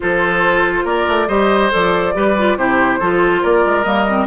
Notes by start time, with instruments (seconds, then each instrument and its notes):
0.00 bassoon F3, clarinet F4, oboe A4, flute C5
0.84 bassoon A#3, oboe A#4, flute D5
1.07 bassoon A3
1.27 bassoon G3, clarinet G4, oboe C5, flute D#5
1.70 bassoon F3, clarinet A4, flute D5
2.14 bassoon G3, clarinet G4, oboe B4
2.38 clarinet F4
2.57 bassoon C3, clarinet E4, oboe G4, flute C5
2.99 bassoon F3, clarinet F4, oboe A4
3.42 bassoon A#3, oboe A#4, flute D5
3.65 bassoon G#3
3.83 bassoon G3, clarinet A#3, flute D#5
4.08 clarinet C4